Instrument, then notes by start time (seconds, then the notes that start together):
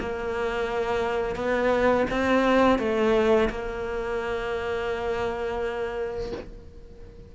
cello
0.00 A#3
1.35 B3
2.10 C4
2.79 A3
3.49 A#3